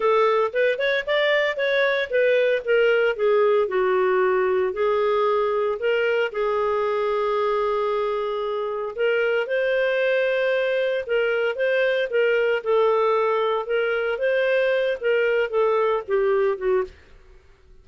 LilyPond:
\new Staff \with { instrumentName = "clarinet" } { \time 4/4 \tempo 4 = 114 a'4 b'8 cis''8 d''4 cis''4 | b'4 ais'4 gis'4 fis'4~ | fis'4 gis'2 ais'4 | gis'1~ |
gis'4 ais'4 c''2~ | c''4 ais'4 c''4 ais'4 | a'2 ais'4 c''4~ | c''8 ais'4 a'4 g'4 fis'8 | }